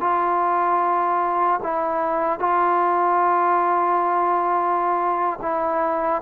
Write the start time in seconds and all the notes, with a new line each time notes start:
0.00 F4
1.63 E4
2.39 F4
5.42 E4